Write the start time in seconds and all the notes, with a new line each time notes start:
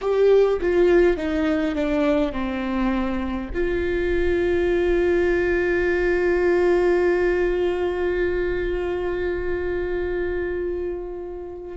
0.01 G4
0.61 F4
1.17 D#4
1.75 D4
2.32 C4
3.53 F4